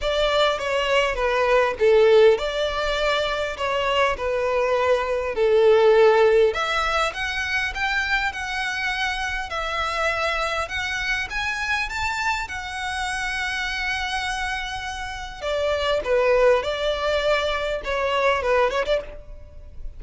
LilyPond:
\new Staff \with { instrumentName = "violin" } { \time 4/4 \tempo 4 = 101 d''4 cis''4 b'4 a'4 | d''2 cis''4 b'4~ | b'4 a'2 e''4 | fis''4 g''4 fis''2 |
e''2 fis''4 gis''4 | a''4 fis''2.~ | fis''2 d''4 b'4 | d''2 cis''4 b'8 cis''16 d''16 | }